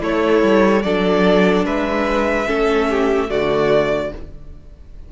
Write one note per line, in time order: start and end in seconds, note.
0.00 0.42 A3
0.00 0.82 E4
0.00 0.85 A4
0.00 0.83 C#5
0.42 0.84 G3
0.83 1.65 F#3
0.83 2.46 D4
0.83 1.65 A4
0.83 1.65 D5
1.65 2.47 G#3
1.65 2.48 B4
1.65 3.30 E5
2.46 3.30 A3
2.46 3.28 C#4
2.46 2.89 A4
2.90 3.30 G4
3.28 4.12 D3
3.28 4.11 A3
3.28 4.12 F#4
3.28 4.12 D5